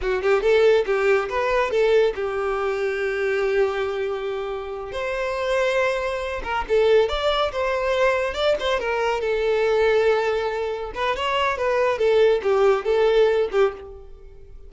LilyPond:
\new Staff \with { instrumentName = "violin" } { \time 4/4 \tempo 4 = 140 fis'8 g'8 a'4 g'4 b'4 | a'4 g'2.~ | g'2.~ g'8 c''8~ | c''2. ais'8 a'8~ |
a'8 d''4 c''2 d''8 | c''8 ais'4 a'2~ a'8~ | a'4. b'8 cis''4 b'4 | a'4 g'4 a'4. g'8 | }